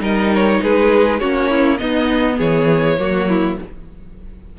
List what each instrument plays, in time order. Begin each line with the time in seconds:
0.00 cello G3, viola D#4, violin A#4 D#5
0.35 violin C#5
0.63 cello G#3, violin G#4 B4
1.20 cello A#3, viola C#4, violin F#4 C#5
1.50 violin E4
1.78 viola B3, cello B3, violin D#4 D#5
2.38 cello E3, violin G#4 C#5
2.99 cello F#3, viola A#3, violin F#4
3.29 violin E4